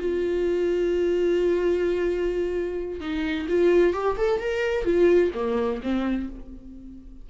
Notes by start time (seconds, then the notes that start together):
0.00 F4
3.01 D#4
3.49 F4
3.94 G4
4.18 A4
4.41 A#4
4.85 F4
5.35 A#3
5.83 C4